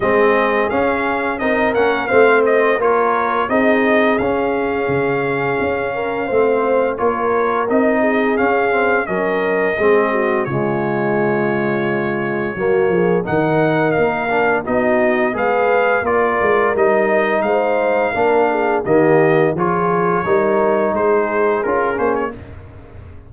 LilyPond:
<<
  \new Staff \with { instrumentName = "trumpet" } { \time 4/4 \tempo 4 = 86 dis''4 f''4 dis''8 fis''8 f''8 dis''8 | cis''4 dis''4 f''2~ | f''2 cis''4 dis''4 | f''4 dis''2 cis''4~ |
cis''2. fis''4 | f''4 dis''4 f''4 d''4 | dis''4 f''2 dis''4 | cis''2 c''4 ais'8 c''16 cis''16 | }
  \new Staff \with { instrumentName = "horn" } { \time 4/4 gis'2 ais'4 c''4 | ais'4 gis'2.~ | gis'8 ais'8 c''4 ais'4. gis'8~ | gis'4 ais'4 gis'8 fis'8 f'4~ |
f'2 fis'8 gis'8 ais'4~ | ais'4 fis'4 b'4 ais'4~ | ais'4 c''4 ais'8 gis'8 g'4 | gis'4 ais'4 gis'2 | }
  \new Staff \with { instrumentName = "trombone" } { \time 4/4 c'4 cis'4 dis'8 cis'8 c'4 | f'4 dis'4 cis'2~ | cis'4 c'4 f'4 dis'4 | cis'8 c'8 cis'4 c'4 gis4~ |
gis2 ais4 dis'4~ | dis'8 d'8 dis'4 gis'4 f'4 | dis'2 d'4 ais4 | f'4 dis'2 f'8 cis'8 | }
  \new Staff \with { instrumentName = "tuba" } { \time 4/4 gis4 cis'4 c'8 ais8 a4 | ais4 c'4 cis'4 cis4 | cis'4 a4 ais4 c'4 | cis'4 fis4 gis4 cis4~ |
cis2 fis8 f8 dis4 | ais4 b4 gis4 ais8 gis8 | g4 gis4 ais4 dis4 | f4 g4 gis4 cis'8 ais8 | }
>>